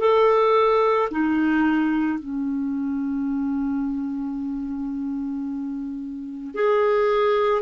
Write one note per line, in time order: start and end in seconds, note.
0.00 1.09 A4
1.11 2.19 D#4
2.19 6.55 C#4
6.55 7.62 G#4